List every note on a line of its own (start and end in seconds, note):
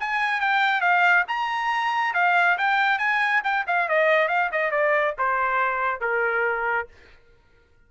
0.00 0.41 G#5
0.41 0.81 G5
0.81 1.25 F5
1.28 2.14 A#5
2.14 2.58 F5
2.58 2.99 G5
2.99 3.42 G#5
3.44 3.66 G5
3.67 3.89 F5
3.89 4.29 D#5
4.29 4.50 F5
4.52 4.72 D#5
4.72 5.15 D5
5.19 6.01 C5
6.01 6.88 A#4